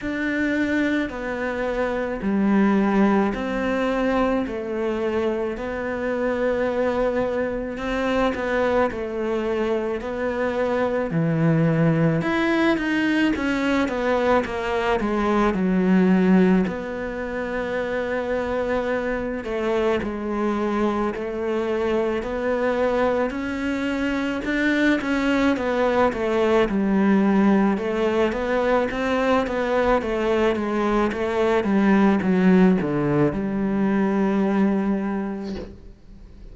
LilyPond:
\new Staff \with { instrumentName = "cello" } { \time 4/4 \tempo 4 = 54 d'4 b4 g4 c'4 | a4 b2 c'8 b8 | a4 b4 e4 e'8 dis'8 | cis'8 b8 ais8 gis8 fis4 b4~ |
b4. a8 gis4 a4 | b4 cis'4 d'8 cis'8 b8 a8 | g4 a8 b8 c'8 b8 a8 gis8 | a8 g8 fis8 d8 g2 | }